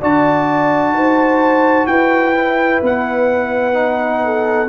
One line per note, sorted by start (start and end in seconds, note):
0.00 0.92 D4
0.00 2.35 F#4
0.00 0.94 D5
0.00 1.87 A5
0.92 1.86 D#4
0.92 1.88 C5
1.87 2.80 E4
1.87 4.24 B4
1.87 2.80 G5
2.35 3.73 E4
2.82 4.69 B3
2.82 4.69 F#5
3.73 4.67 D#4
4.24 4.69 A4